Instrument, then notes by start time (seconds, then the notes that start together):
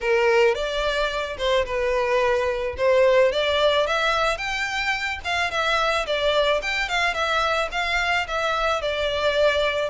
violin
0.01 A#4
0.54 D5
1.37 C5
1.65 B4
2.77 C5
3.32 D5
3.86 E5
4.37 G5
5.24 F5
5.50 E5
6.06 D5
6.62 G5
6.89 F5
7.14 E5
7.71 F5
8.27 E5
8.81 D5